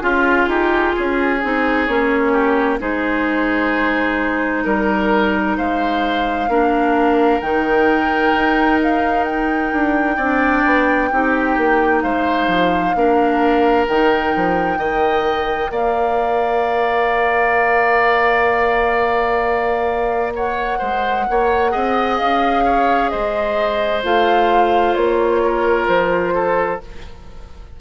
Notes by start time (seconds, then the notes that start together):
0.00 C#4 F4 G#4
0.47 D#4 G4
0.96 C#4 G#4
1.44 C4 D#4
1.86 A#3 C#4 C#5
2.33 G4
2.79 G#3 D#4 G#4 C5
4.64 G3 A#4
5.58 G#3 C5 F5
6.49 A#3 D4 A#4
7.41 D#3 D#4 G5
8.35 D#4
8.83 F5
9.24 G5
9.73 D4
10.17 C4 D4 D5
10.66 B3
11.11 C4 D#4 G4
11.57 A#3
12.02 G#3 C5 F5
12.47 F3
12.95 A#3 D4 A#4
13.88 D#3 D#4 G5
14.36 F3
14.78 D#3 A#4 D#5
15.71 A#3 D5 F5
20.35 C#5 F#5
20.79 G#3 C5
21.30 A#3 C#5
21.70 C4 G#4 D#5
22.17 C#4 F5
22.65 C#5
23.10 G#3 C5 D#5
24.04 A3 F4 F5
24.95 A#3 C#5
25.44 A#4
25.88 F3 C5
26.34 A4